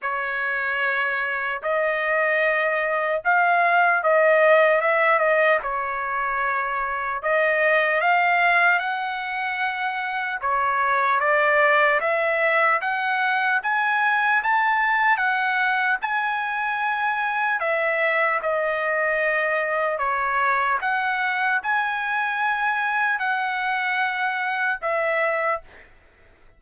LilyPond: \new Staff \with { instrumentName = "trumpet" } { \time 4/4 \tempo 4 = 75 cis''2 dis''2 | f''4 dis''4 e''8 dis''8 cis''4~ | cis''4 dis''4 f''4 fis''4~ | fis''4 cis''4 d''4 e''4 |
fis''4 gis''4 a''4 fis''4 | gis''2 e''4 dis''4~ | dis''4 cis''4 fis''4 gis''4~ | gis''4 fis''2 e''4 | }